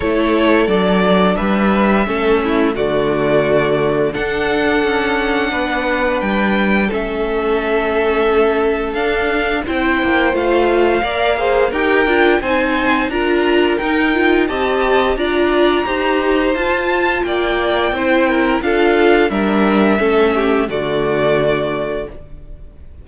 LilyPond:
<<
  \new Staff \with { instrumentName = "violin" } { \time 4/4 \tempo 4 = 87 cis''4 d''4 e''2 | d''2 fis''2~ | fis''4 g''4 e''2~ | e''4 f''4 g''4 f''4~ |
f''4 g''4 gis''4 ais''4 | g''4 a''4 ais''2 | a''4 g''2 f''4 | e''2 d''2 | }
  \new Staff \with { instrumentName = "violin" } { \time 4/4 a'2 b'4 a'8 e'8 | fis'2 a'2 | b'2 a'2~ | a'2 c''2 |
d''8 c''8 ais'4 c''4 ais'4~ | ais'4 dis''4 d''4 c''4~ | c''4 d''4 c''8 ais'8 a'4 | ais'4 a'8 g'8 fis'2 | }
  \new Staff \with { instrumentName = "viola" } { \time 4/4 e'4 d'2 cis'4 | a2 d'2~ | d'2 cis'2~ | cis'4 d'4 e'4 f'4 |
ais'8 gis'8 g'8 f'8 dis'4 f'4 | dis'8 f'8 g'4 f'4 g'4 | f'2 e'4 f'4 | d'4 cis'4 a2 | }
  \new Staff \with { instrumentName = "cello" } { \time 4/4 a4 fis4 g4 a4 | d2 d'4 cis'4 | b4 g4 a2~ | a4 d'4 c'8 ais8 a4 |
ais4 dis'8 d'8 c'4 d'4 | dis'4 c'4 d'4 dis'4 | f'4 ais4 c'4 d'4 | g4 a4 d2 | }
>>